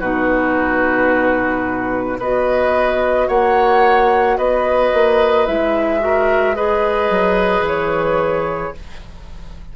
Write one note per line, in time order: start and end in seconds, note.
0.00 2.19 B2
0.00 2.20 D#4
0.00 2.18 F#4
0.00 2.19 B4
2.19 3.28 B3
2.19 5.47 F#4
2.19 3.28 B4
2.19 3.29 D#5
3.28 4.38 A#3
3.28 4.37 C#5
3.28 4.37 F#5
4.37 4.92 B3
4.37 6.01 B4
4.37 5.47 D#5
4.94 5.48 A#3
5.47 7.10 G#3
5.47 6.00 E4
5.47 6.55 E5
6.00 6.54 F#4
6.00 6.56 A#4
6.55 8.74 G#4
6.55 8.74 B4
6.55 7.65 D#5
7.10 7.62 F#3
7.62 8.71 E3
7.62 8.76 C#5